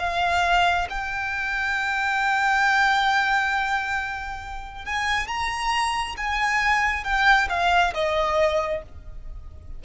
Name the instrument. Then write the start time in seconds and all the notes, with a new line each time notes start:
violin
0.00 F5
0.90 G5
4.86 G#5
5.28 A#5
6.18 G#5
7.04 G5
7.50 F5
7.95 D#5